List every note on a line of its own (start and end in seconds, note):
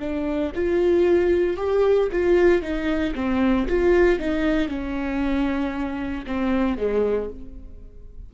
0.00 0.52 D4
0.55 1.57 F4
1.57 2.09 G4
2.12 2.62 F4
2.62 3.14 D#4
3.15 3.67 C4
3.68 4.20 F4
4.20 4.69 D#4
4.69 6.25 C#4
6.27 6.78 C4
6.78 7.30 G#3